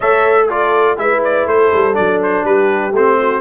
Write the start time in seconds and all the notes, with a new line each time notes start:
0.00 A3 A4 C#5 E5
0.47 F4 A4 D5
0.97 G#3 E4 B4 E5
1.23 D5
1.46 A3 A4 C5
1.72 G3
1.93 F#3 D4 D5
2.23 C5
2.44 G3 G4 B4
2.92 A3 C4 C5
3.20 F#4